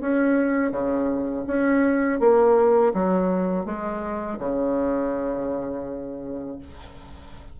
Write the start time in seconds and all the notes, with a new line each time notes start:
0.00 C#4
0.71 C#3
1.47 C#4
2.20 A#3
2.94 F#3
3.65 G#3
4.39 C#3